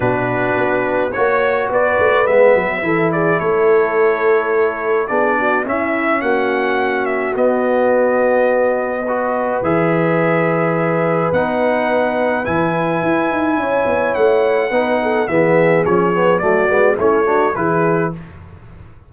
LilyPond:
<<
  \new Staff \with { instrumentName = "trumpet" } { \time 4/4 \tempo 4 = 106 b'2 cis''4 d''4 | e''4. d''8 cis''2~ | cis''4 d''4 e''4 fis''4~ | fis''8 e''8 dis''2.~ |
dis''4 e''2. | fis''2 gis''2~ | gis''4 fis''2 e''4 | cis''4 d''4 cis''4 b'4 | }
  \new Staff \with { instrumentName = "horn" } { \time 4/4 fis'2 cis''4 b'4~ | b'4 a'8 gis'8 a'2~ | a'4 gis'8 fis'8 e'4 fis'4~ | fis'1 |
b'1~ | b'1 | cis''2 b'8 a'8 gis'4~ | gis'4 fis'4 e'8 fis'8 gis'4 | }
  \new Staff \with { instrumentName = "trombone" } { \time 4/4 d'2 fis'2 | b4 e'2.~ | e'4 d'4 cis'2~ | cis'4 b2. |
fis'4 gis'2. | dis'2 e'2~ | e'2 dis'4 b4 | cis'8 b8 a8 b8 cis'8 d'8 e'4 | }
  \new Staff \with { instrumentName = "tuba" } { \time 4/4 b,4 b4 ais4 b8 a8 | gis8 fis8 e4 a2~ | a4 b4 cis'4 ais4~ | ais4 b2.~ |
b4 e2. | b2 e4 e'8 dis'8 | cis'8 b8 a4 b4 e4 | f4 fis8 gis8 a4 e4 | }
>>